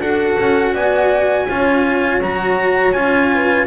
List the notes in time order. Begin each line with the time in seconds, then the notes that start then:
0.00 D4 F#4 A4 F#5
0.39 C#4
0.74 B3 D5 G#5
1.49 C#4 F4 C#5
2.22 F#3 F#4 A#5
2.93 C#4 F4 G#5
3.34 B4